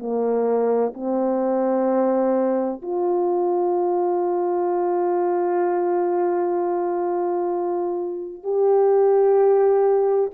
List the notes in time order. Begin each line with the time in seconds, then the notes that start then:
0.00 A#3
0.95 C4
2.83 F4
8.44 G4